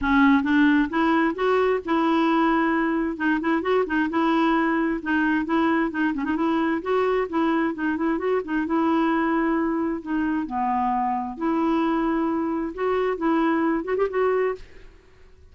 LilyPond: \new Staff \with { instrumentName = "clarinet" } { \time 4/4 \tempo 4 = 132 cis'4 d'4 e'4 fis'4 | e'2. dis'8 e'8 | fis'8 dis'8 e'2 dis'4 | e'4 dis'8 cis'16 dis'16 e'4 fis'4 |
e'4 dis'8 e'8 fis'8 dis'8 e'4~ | e'2 dis'4 b4~ | b4 e'2. | fis'4 e'4. fis'16 g'16 fis'4 | }